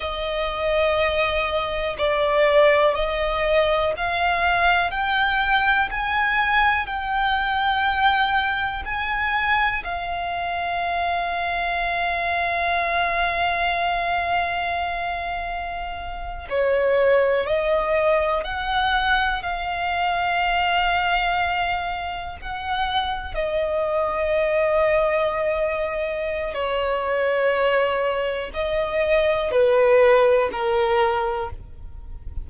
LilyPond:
\new Staff \with { instrumentName = "violin" } { \time 4/4 \tempo 4 = 61 dis''2 d''4 dis''4 | f''4 g''4 gis''4 g''4~ | g''4 gis''4 f''2~ | f''1~ |
f''8. cis''4 dis''4 fis''4 f''16~ | f''2~ f''8. fis''4 dis''16~ | dis''2. cis''4~ | cis''4 dis''4 b'4 ais'4 | }